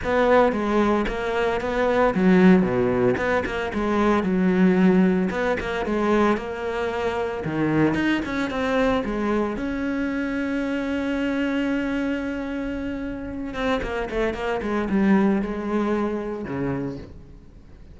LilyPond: \new Staff \with { instrumentName = "cello" } { \time 4/4 \tempo 4 = 113 b4 gis4 ais4 b4 | fis4 b,4 b8 ais8 gis4 | fis2 b8 ais8 gis4 | ais2 dis4 dis'8 cis'8 |
c'4 gis4 cis'2~ | cis'1~ | cis'4. c'8 ais8 a8 ais8 gis8 | g4 gis2 cis4 | }